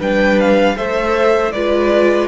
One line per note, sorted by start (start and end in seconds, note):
0.00 0.77 G3
0.00 0.76 D4
0.00 0.76 B4
0.00 0.40 G5
0.40 0.78 F5
0.77 1.53 A3
0.77 1.53 A4
0.77 1.53 C5
0.77 1.52 E5
1.52 2.28 G#3
1.52 2.28 F4
1.52 2.28 B4
1.52 2.28 D5